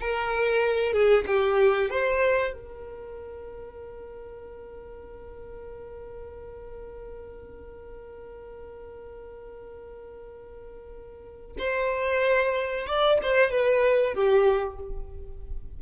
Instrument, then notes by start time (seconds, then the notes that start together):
violin
0.00 A#4
0.92 G#4
1.27 G4
1.90 C5
2.53 A#4
11.58 C5
12.87 D5
13.22 C5
13.50 B4
14.14 G4